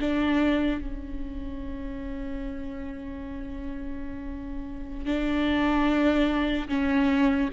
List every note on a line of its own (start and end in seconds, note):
0.00 0.81 D4
0.81 5.06 C#4
5.06 6.68 D4
6.68 7.49 C#4